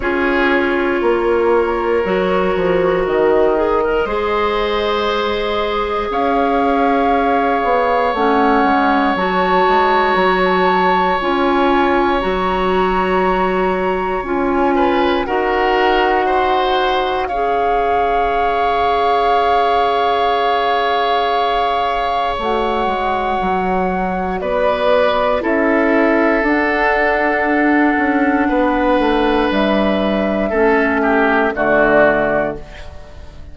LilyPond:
<<
  \new Staff \with { instrumentName = "flute" } { \time 4/4 \tempo 4 = 59 cis''2. dis''4~ | dis''2 f''2 | fis''4 a''4 ais''16 a''8. gis''4 | ais''2 gis''4 fis''4~ |
fis''4 f''2.~ | f''2 fis''2 | d''4 e''4 fis''2~ | fis''4 e''2 d''4 | }
  \new Staff \with { instrumentName = "oboe" } { \time 4/4 gis'4 ais'2. | c''2 cis''2~ | cis''1~ | cis''2~ cis''8 b'8 ais'4 |
c''4 cis''2.~ | cis''1 | b'4 a'2. | b'2 a'8 g'8 fis'4 | }
  \new Staff \with { instrumentName = "clarinet" } { \time 4/4 f'2 fis'4. gis'16 ais'16 | gis'1 | cis'4 fis'2 f'4 | fis'2 f'4 fis'4~ |
fis'4 gis'2.~ | gis'2 fis'2~ | fis'4 e'4 d'2~ | d'2 cis'4 a4 | }
  \new Staff \with { instrumentName = "bassoon" } { \time 4/4 cis'4 ais4 fis8 f8 dis4 | gis2 cis'4. b8 | a8 gis8 fis8 gis8 fis4 cis'4 | fis2 cis'4 dis'4~ |
dis'4 cis'2.~ | cis'2 a8 gis8 fis4 | b4 cis'4 d'4. cis'8 | b8 a8 g4 a4 d4 | }
>>